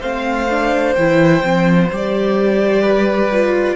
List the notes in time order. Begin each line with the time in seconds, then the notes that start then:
0.00 A3 C4 C5 F5
0.50 D4
0.95 E3 E4 G5
1.43 F3 C4
1.90 G3 G4 D5
2.81 B4
3.31 F4